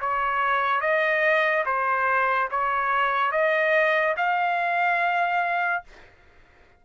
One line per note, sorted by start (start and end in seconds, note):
0.00 0.81 C#5
0.81 1.64 D#5
1.66 2.49 C5
2.51 3.31 C#5
3.31 4.15 D#5
4.17 5.83 F5